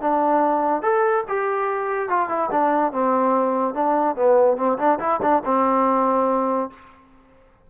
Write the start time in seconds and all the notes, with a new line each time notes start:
0.00 D4
0.82 A4
1.28 G4
2.09 F4
2.29 E4
2.50 D4
2.92 C4
3.73 D4
4.15 B3
4.56 C4
4.78 D4
4.99 E4
5.22 D4
5.45 C4